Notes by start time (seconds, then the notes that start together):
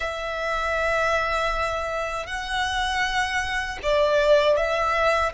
0.00 E5
2.26 F#5
3.83 D5
4.56 E5